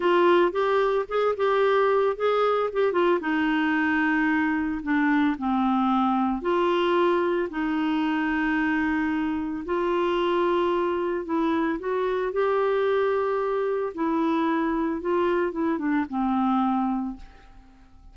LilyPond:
\new Staff \with { instrumentName = "clarinet" } { \time 4/4 \tempo 4 = 112 f'4 g'4 gis'8 g'4. | gis'4 g'8 f'8 dis'2~ | dis'4 d'4 c'2 | f'2 dis'2~ |
dis'2 f'2~ | f'4 e'4 fis'4 g'4~ | g'2 e'2 | f'4 e'8 d'8 c'2 | }